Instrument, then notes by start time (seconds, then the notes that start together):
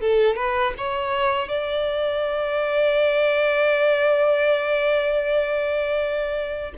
violin
0.00 A4
0.36 B4
0.77 C#5
1.48 D5